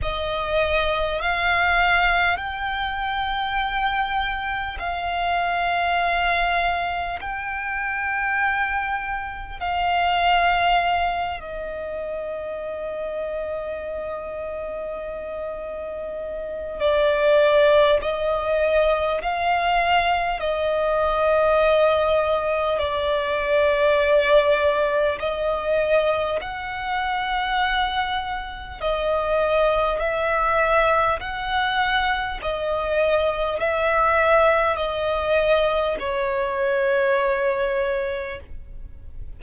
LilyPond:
\new Staff \with { instrumentName = "violin" } { \time 4/4 \tempo 4 = 50 dis''4 f''4 g''2 | f''2 g''2 | f''4. dis''2~ dis''8~ | dis''2 d''4 dis''4 |
f''4 dis''2 d''4~ | d''4 dis''4 fis''2 | dis''4 e''4 fis''4 dis''4 | e''4 dis''4 cis''2 | }